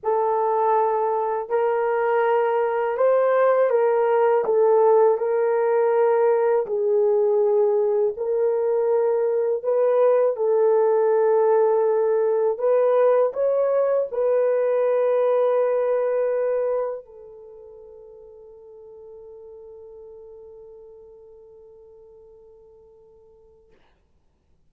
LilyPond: \new Staff \with { instrumentName = "horn" } { \time 4/4 \tempo 4 = 81 a'2 ais'2 | c''4 ais'4 a'4 ais'4~ | ais'4 gis'2 ais'4~ | ais'4 b'4 a'2~ |
a'4 b'4 cis''4 b'4~ | b'2. a'4~ | a'1~ | a'1 | }